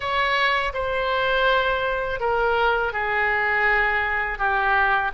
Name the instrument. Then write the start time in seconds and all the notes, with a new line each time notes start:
oboe
0.00 C#5
0.73 C5
2.20 A#4
2.92 G#4
4.38 G4